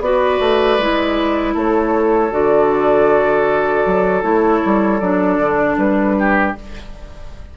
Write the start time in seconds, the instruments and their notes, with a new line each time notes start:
0.00 bassoon B3, clarinet F#4, oboe B4, flute D5
0.39 bassoon A3
0.78 bassoon G#3, clarinet E4
1.54 bassoon A3, oboe A4, flute C#5
2.30 bassoon D3, clarinet F#4, flute D5
3.86 bassoon F#3
4.22 bassoon A3, clarinet E4, flute C#5
4.65 bassoon G3
4.99 bassoon F#3, clarinet D4, flute D5
5.38 bassoon D3
5.77 bassoon G3, flute B4
6.18 oboe G4